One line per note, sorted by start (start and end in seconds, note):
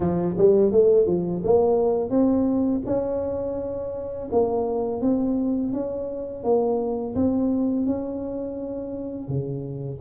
0.00 0.36 F3
0.37 0.71 G3
0.71 1.06 A3
1.06 1.42 F3
1.44 2.09 A#3
2.09 2.81 C4
2.86 4.29 C#4
4.31 5.01 A#3
5.01 5.72 C4
5.72 6.43 C#4
6.43 7.15 A#3
7.15 7.85 C4
7.85 9.28 C#4
9.28 9.99 C#3